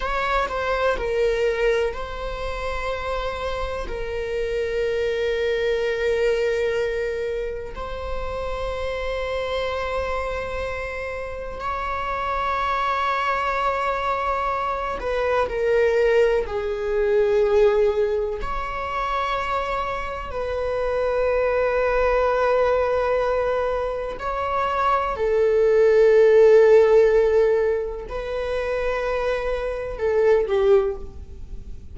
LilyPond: \new Staff \with { instrumentName = "viola" } { \time 4/4 \tempo 4 = 62 cis''8 c''8 ais'4 c''2 | ais'1 | c''1 | cis''2.~ cis''8 b'8 |
ais'4 gis'2 cis''4~ | cis''4 b'2.~ | b'4 cis''4 a'2~ | a'4 b'2 a'8 g'8 | }